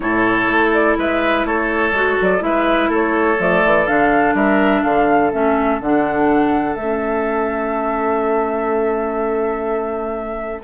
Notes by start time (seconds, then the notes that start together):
0.00 A2 E4 A4 C#5
0.47 A3
0.73 D5
0.97 G#3 B4 E5
1.44 A3 A4 C#5
1.92 G#3 F#4
2.21 F#3 D5
2.39 G#3 E4 B4 E5
2.88 A3 A4 C#5
3.38 F3 A3 D5
3.65 E3
3.86 D3 D4 F5
4.34 G3 A#4 E5
4.81 D3 A4 F5
5.31 A3 C#4 E5
5.80 D3 D4 F#5
6.74 A3 C#4 E5